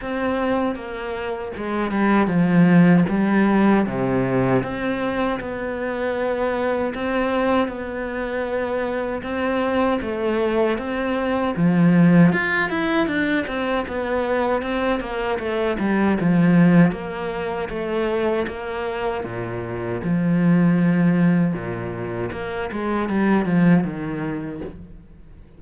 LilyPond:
\new Staff \with { instrumentName = "cello" } { \time 4/4 \tempo 4 = 78 c'4 ais4 gis8 g8 f4 | g4 c4 c'4 b4~ | b4 c'4 b2 | c'4 a4 c'4 f4 |
f'8 e'8 d'8 c'8 b4 c'8 ais8 | a8 g8 f4 ais4 a4 | ais4 ais,4 f2 | ais,4 ais8 gis8 g8 f8 dis4 | }